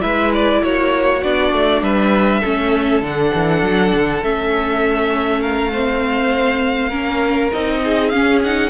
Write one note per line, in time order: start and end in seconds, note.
0.00 0.62 G#3
0.00 1.20 E4
0.00 0.62 B4
0.00 0.31 E5
0.34 0.63 D5
0.63 1.23 A#3
0.63 1.83 F#4
0.63 1.23 C#5
1.23 1.53 B3
1.23 2.43 D4
1.23 1.83 D5
1.53 1.81 A3
1.81 2.41 G3
1.81 2.40 B4
1.81 3.03 E5
2.40 3.02 A3
2.40 3.03 C#4
2.40 5.40 A4
3.02 3.31 D3
3.02 4.23 D4
3.02 4.23 F#5
3.34 3.62 E3
3.62 3.92 F#3
3.94 4.22 D3
4.22 6.91 A3
4.22 5.73 C#4
4.22 5.42 E5
5.41 5.71 A#4
5.41 7.52 F5
5.72 6.91 C4
5.72 6.89 C5
6.89 7.51 A#3
6.89 7.51 C#4
6.89 7.79 A#4
7.52 8.13 C4
7.52 8.12 D#4
7.52 8.09 D#5
7.84 8.70 G#4
8.09 8.42 C#4
8.09 8.70 C#4
8.09 8.39 F5
8.43 8.70 D#4
8.43 8.70 F#5